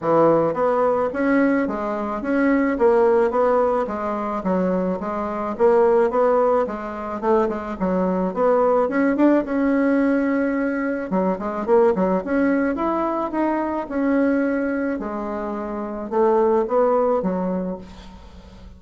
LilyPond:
\new Staff \with { instrumentName = "bassoon" } { \time 4/4 \tempo 4 = 108 e4 b4 cis'4 gis4 | cis'4 ais4 b4 gis4 | fis4 gis4 ais4 b4 | gis4 a8 gis8 fis4 b4 |
cis'8 d'8 cis'2. | fis8 gis8 ais8 fis8 cis'4 e'4 | dis'4 cis'2 gis4~ | gis4 a4 b4 fis4 | }